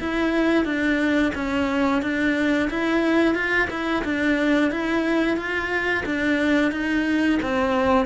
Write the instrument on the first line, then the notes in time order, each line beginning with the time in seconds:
cello
0.00 E4
0.65 D4
1.35 C#4
2.02 D4
2.70 E4
3.35 F4
3.70 E4
4.05 D4
4.71 E4
5.37 F4
6.06 D4
6.72 D#4
7.43 C4